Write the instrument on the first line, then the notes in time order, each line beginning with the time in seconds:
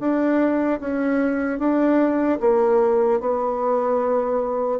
bassoon
0.00 D4
0.81 C#4
1.59 D4
2.40 A#3
3.20 B3